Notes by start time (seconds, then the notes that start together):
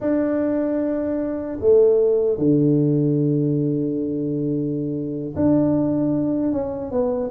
0.00 D4
1.60 A3
2.38 D3
5.35 D4
6.52 C#4
6.91 B3